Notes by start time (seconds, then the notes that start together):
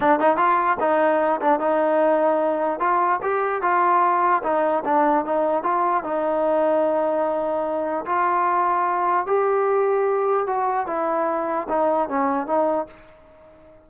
0.00 D4
0.19 D#4
0.37 F4
0.80 D#4
1.41 D4
1.59 D#4
2.79 F4
3.22 G4
3.62 F4
4.43 D#4
4.84 D4
5.25 D#4
5.63 F4
6.03 D#4
8.05 F4
9.26 G4
10.46 F#4
10.87 E4
11.69 D#4
12.08 C#4
12.46 D#4